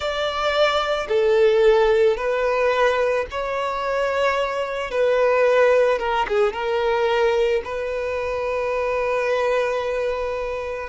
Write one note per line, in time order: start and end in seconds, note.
0.00 1.07 D5
1.08 2.17 A4
2.17 3.26 B4
3.30 4.90 C#5
4.90 5.99 B4
5.99 6.26 A#4
6.28 6.53 G#4
6.53 7.62 A#4
7.64 10.89 B4